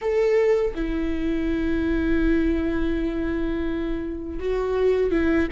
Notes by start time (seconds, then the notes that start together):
0.01 A4
0.75 E4
4.39 F#4
5.11 E4